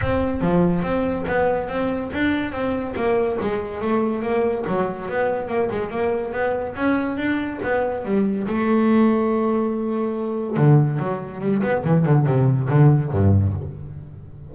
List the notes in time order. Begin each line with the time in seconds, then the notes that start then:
0.01 C4
0.41 F3
0.82 C4
1.27 B3
1.68 C4
2.13 D4
2.51 C4
2.96 A#3
3.40 G#3
3.81 A3
4.22 A#3
4.67 F#3
5.08 B3
5.48 A#3
5.70 G#3
5.90 A#3
6.32 B3
6.75 C#4
7.17 D4
7.63 B3
8.05 G3
8.47 A3
10.56 D3
10.99 F#3
11.40 G3
11.63 B3
11.84 E3
12.05 D3
12.26 C3
12.69 D3
13.11 G2